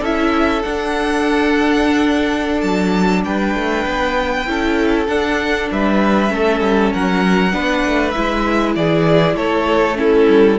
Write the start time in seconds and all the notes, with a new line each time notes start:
0.00 C#4 E4 A4 E5
0.62 D4 F#5
2.60 F#3 A5
3.24 G3 B4 G5
3.55 A3
3.86 B3
4.46 C#4 E4 A4
5.07 D4 F#5
5.71 G3 B4 E5
6.28 A3 C#4 A4
6.60 G3
6.93 F#3 A#4 F#5
7.52 B3 D4 B4
7.84 A3
8.10 G#3 E4 E5
8.75 E3 G#4 D5
9.35 A3 A4 C#5
9.95 C#4 E4 A4
10.28 G3